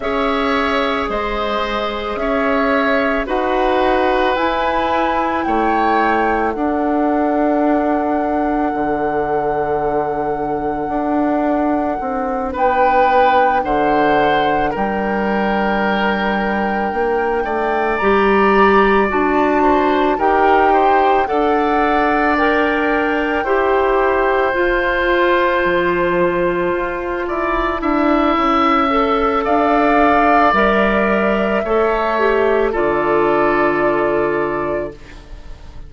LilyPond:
<<
  \new Staff \with { instrumentName = "flute" } { \time 4/4 \tempo 4 = 55 e''4 dis''4 e''4 fis''4 | gis''4 g''4 fis''2~ | fis''2.~ fis''8 g''8~ | g''8 fis''4 g''2~ g''8~ |
g''8 ais''4 a''4 g''4 fis''8~ | fis''8 g''2 a''4.~ | a''2. f''4 | e''2 d''2 | }
  \new Staff \with { instrumentName = "oboe" } { \time 4/4 cis''4 c''4 cis''4 b'4~ | b'4 cis''4 a'2~ | a'2.~ a'8 b'8~ | b'8 c''4 ais'2~ ais'8 |
d''2 c''8 ais'8 c''8 d''8~ | d''4. c''2~ c''8~ | c''4 d''8 e''4. d''4~ | d''4 cis''4 a'2 | }
  \new Staff \with { instrumentName = "clarinet" } { \time 4/4 gis'2. fis'4 | e'2 d'2~ | d'1~ | d'1~ |
d'8 g'4 fis'4 g'4 a'8~ | a'8 ais'4 g'4 f'4.~ | f'4. e'4 a'4. | ais'4 a'8 g'8 f'2 | }
  \new Staff \with { instrumentName = "bassoon" } { \time 4/4 cis'4 gis4 cis'4 dis'4 | e'4 a4 d'2 | d2 d'4 c'8 b8~ | b8 d4 g2 ais8 |
a8 g4 d'4 dis'4 d'8~ | d'4. e'4 f'4 f8~ | f8 f'8 e'8 d'8 cis'4 d'4 | g4 a4 d2 | }
>>